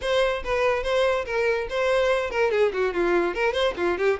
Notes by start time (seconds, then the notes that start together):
0.01 C5
0.43 B4
0.83 C5
1.25 A#4
1.69 C5
2.30 A#4
2.51 G#4
2.73 F#4
2.93 F4
3.34 A#4
3.53 C5
3.76 F4
3.98 G4